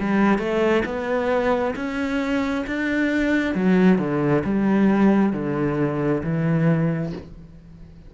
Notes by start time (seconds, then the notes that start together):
0.00 G3
0.38 A3
0.85 B3
1.75 C#4
2.67 D4
3.55 F#3
3.99 D3
4.45 G3
5.33 D3
6.23 E3